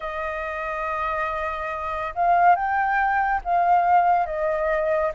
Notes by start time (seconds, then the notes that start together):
0.00 D#5
2.14 F5
2.55 G5
3.44 F5
4.26 D#5